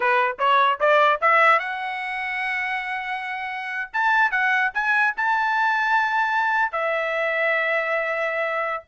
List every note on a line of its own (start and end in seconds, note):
0.00 0.36 B4
0.39 0.79 C#5
0.80 1.20 D5
1.21 1.59 E5
1.59 3.91 F#5
3.93 4.31 A5
4.31 4.71 F#5
4.74 5.14 G#5
5.17 6.72 A5
6.72 8.83 E5